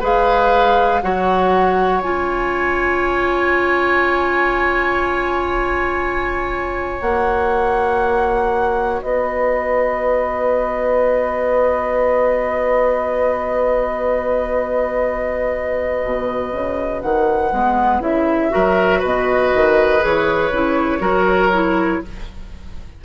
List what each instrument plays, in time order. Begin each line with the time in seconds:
0.00 bassoon G#3, clarinet G#4, oboe B4, flute F5
1.02 bassoon F#3, clarinet F#4, oboe C#5, flute F#5
2.02 bassoon C#4, clarinet F4, flute G#5
7.00 bassoon A#3, clarinet F#4, flute F#5
9.02 bassoon B3, oboe B4, flute D#5
16.04 bassoon B2
16.52 bassoon C#3
17.02 bassoon D#3, flute F#5
17.52 bassoon G#3, clarinet B3
18.00 bassoon C#3, clarinet E4, flute E5
18.50 bassoon F#3, clarinet F#4, oboe A#4
18.99 bassoon B2, oboe B4, flute D#5
19.54 bassoon D#3
20.00 bassoon E3, clarinet G#4, flute C#5
20.51 bassoon C#3, clarinet E4
21.00 bassoon F#3, clarinet F#4, oboe A#4
21.53 clarinet E4